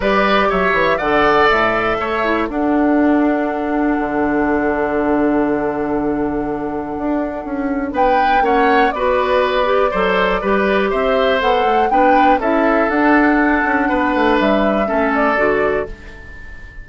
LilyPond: <<
  \new Staff \with { instrumentName = "flute" } { \time 4/4 \tempo 4 = 121 d''4 e''4 fis''4 e''4~ | e''4 fis''2.~ | fis''1~ | fis''1 |
g''4 fis''4 d''2~ | d''2 e''4 fis''4 | g''4 e''4 fis''2~ | fis''4 e''4. d''4. | }
  \new Staff \with { instrumentName = "oboe" } { \time 4/4 b'4 cis''4 d''2 | cis''4 a'2.~ | a'1~ | a'1 |
b'4 cis''4 b'2 | c''4 b'4 c''2 | b'4 a'2. | b'2 a'2 | }
  \new Staff \with { instrumentName = "clarinet" } { \time 4/4 g'2 a'2~ | a'8 e'8 d'2.~ | d'1~ | d'1~ |
d'4 cis'4 fis'4. g'8 | a'4 g'2 a'4 | d'4 e'4 d'2~ | d'2 cis'4 fis'4 | }
  \new Staff \with { instrumentName = "bassoon" } { \time 4/4 g4 fis8 e8 d4 a,4 | a4 d'2. | d1~ | d2 d'4 cis'4 |
b4 ais4 b2 | fis4 g4 c'4 b8 a8 | b4 cis'4 d'4. cis'8 | b8 a8 g4 a4 d4 | }
>>